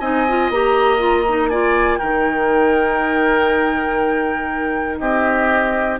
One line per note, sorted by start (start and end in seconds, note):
0.00 0.50 C4
0.00 0.27 D#4
0.00 1.50 D#5
0.00 0.50 G#5
0.29 0.53 F4
0.50 2.00 A#3
0.50 0.99 G4
0.50 1.49 A#5
0.99 1.24 F4
1.29 1.52 D#4
1.49 2.01 F4
1.49 1.99 D5
1.49 1.98 G#5
1.98 5.00 D#3
1.98 6.00 D#4
1.98 4.99 A#4
1.98 4.98 G5
4.98 6.00 C4
4.98 6.00 G4
4.98 5.98 D#5